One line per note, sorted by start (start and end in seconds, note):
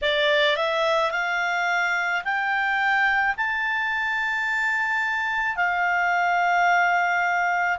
0.02 0.56 D5
0.56 1.11 E5
1.11 2.22 F5
2.24 3.35 G5
3.36 5.56 A5
5.56 7.78 F5